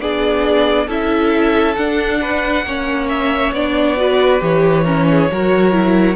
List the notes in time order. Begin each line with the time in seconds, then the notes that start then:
0.00 B3 D4 G#4 D5
0.87 C#4 E4 A4 E5
1.76 D4 F#5
2.22 B4
2.64 A#3 C#4 C#5
3.09 E5
3.52 B3 D4 D5
3.97 F#4 B4
4.40 E3 G4 C#5
4.84 C#4 A#4
5.11 G#4
5.31 F#3 F#4 A#4
5.72 E4